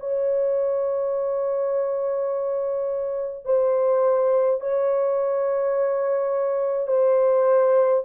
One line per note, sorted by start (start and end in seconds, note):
0.00 3.45 C#5
3.45 4.60 C5
4.60 6.87 C#5
6.87 8.02 C5